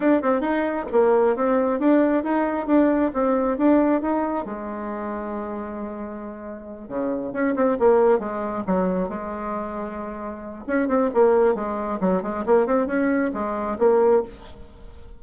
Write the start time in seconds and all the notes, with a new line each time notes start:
0.00 D4
0.21 C4
0.40 D#4
0.92 A#3
1.36 C4
1.79 D4
2.23 D#4
2.67 D4
3.13 C4
3.57 D4
4.01 D#4
4.45 G#3
6.88 C#3
7.32 C#4
7.55 C4
7.79 A#3
8.19 G#3
8.66 F#3
9.08 G#3
10.67 C#4
10.87 C4
11.14 A#3
11.55 G#3
12.00 F#3
12.22 G#3
12.46 A#3
12.66 C4
12.86 C#4
13.33 G#3
13.78 A#3